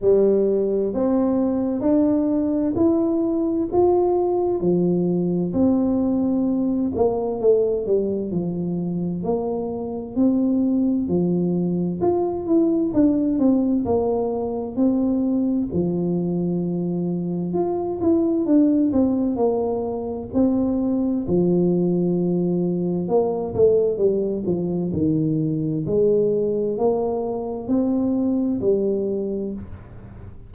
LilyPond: \new Staff \with { instrumentName = "tuba" } { \time 4/4 \tempo 4 = 65 g4 c'4 d'4 e'4 | f'4 f4 c'4. ais8 | a8 g8 f4 ais4 c'4 | f4 f'8 e'8 d'8 c'8 ais4 |
c'4 f2 f'8 e'8 | d'8 c'8 ais4 c'4 f4~ | f4 ais8 a8 g8 f8 dis4 | gis4 ais4 c'4 g4 | }